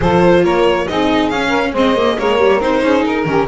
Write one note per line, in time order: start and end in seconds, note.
0.00 0.43 F3
0.00 0.88 F4
0.00 0.43 A4
0.00 0.44 C5
0.43 0.87 A#3
0.43 0.87 A#4
0.43 0.87 C#5
0.87 1.31 C4
0.87 1.32 D#4
0.87 1.47 G#4
0.87 1.29 D#5
1.29 1.73 C#4
1.29 1.75 C#4
1.29 1.72 F5
1.47 1.69 A#4
1.73 2.17 G#3
1.73 1.95 C4
1.73 2.16 C5
1.73 2.18 D#5
1.95 2.17 A#3
2.18 2.39 G#3
2.18 2.60 A#3
2.18 2.83 A#4
2.18 2.61 C#5
2.39 2.60 G3
2.60 2.82 C4
2.60 3.26 D#4
2.60 3.04 C5
2.82 3.04 C#4
2.82 3.26 G#4
3.04 3.24 D#4
3.04 3.47 A#4
3.24 3.46 D#3
3.24 3.47 C#4
3.24 3.47 G4